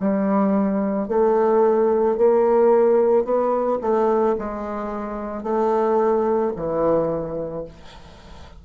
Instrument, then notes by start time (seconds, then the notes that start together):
bassoon
0.00 G3
1.09 A3
2.18 A#3
3.25 B3
3.82 A3
4.39 G#3
5.43 A3
6.56 E3